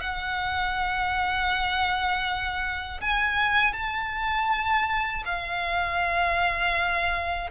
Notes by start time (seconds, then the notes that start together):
0.00 F#5
3.00 G#5
3.73 A5
5.25 F5